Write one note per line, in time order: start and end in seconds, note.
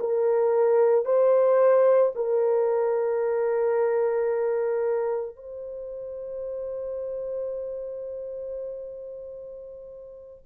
0.00 1.05 A#4
1.05 2.12 C5
2.15 5.36 A#4
5.36 10.45 C5